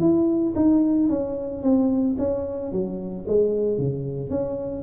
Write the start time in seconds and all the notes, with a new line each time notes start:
0.00 E4
0.56 D#4
1.09 C#4
1.63 C4
2.18 C#4
2.72 F#3
3.27 G#3
3.78 C#3
4.30 C#4